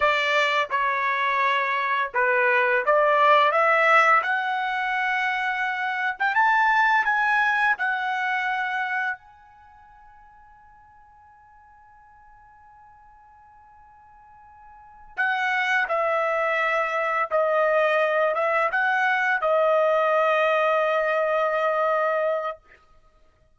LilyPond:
\new Staff \with { instrumentName = "trumpet" } { \time 4/4 \tempo 4 = 85 d''4 cis''2 b'4 | d''4 e''4 fis''2~ | fis''8. g''16 a''4 gis''4 fis''4~ | fis''4 gis''2.~ |
gis''1~ | gis''4. fis''4 e''4.~ | e''8 dis''4. e''8 fis''4 dis''8~ | dis''1 | }